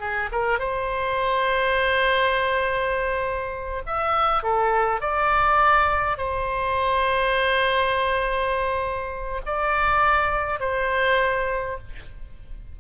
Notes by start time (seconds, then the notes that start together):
0.00 G#4
0.32 A#4
0.59 C5
3.87 E5
4.44 A4
5.01 D5
6.18 C5
9.46 D5
10.60 C5